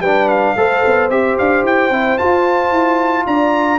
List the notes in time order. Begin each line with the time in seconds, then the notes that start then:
0.00 G3 D4 B4 G5
0.28 F5
0.56 A3 A4 C5
0.86 B3
1.09 C4 G4 E5
1.38 D4 F5
1.63 E4 G5
1.90 C4 E4
2.18 F4 A5
2.72 E4
3.27 D4 D5 A#5